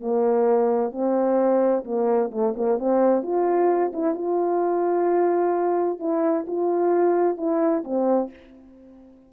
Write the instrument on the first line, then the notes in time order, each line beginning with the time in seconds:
horn
0.00 A#3
0.91 C4
1.84 A#3
2.31 A3
2.56 A#3
2.78 C4
3.22 F4
3.93 E4
4.14 F4
5.99 E4
6.47 F4
7.37 E4
7.84 C4